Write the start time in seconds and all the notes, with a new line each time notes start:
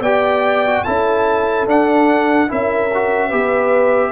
0.00 B3 G4 D5 G5
0.66 F#4
0.84 C#4 E4 A4 A5
1.66 D4 F#5
2.48 C#4 E4 A#4 E5
2.94 F#4
3.28 B3 G4 B4